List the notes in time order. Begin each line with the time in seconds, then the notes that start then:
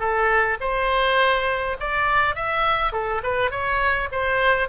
0.00 A4
0.61 C5
1.80 D5
2.36 E5
2.93 A4
3.24 B4
3.51 C#5
4.12 C5